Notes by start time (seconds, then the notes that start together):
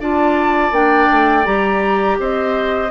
0.00 D4 F4 D5 A5
0.72 A#3 D4 G5
1.12 A3
1.45 G3 G4 A#5
2.19 C4 C5 D#5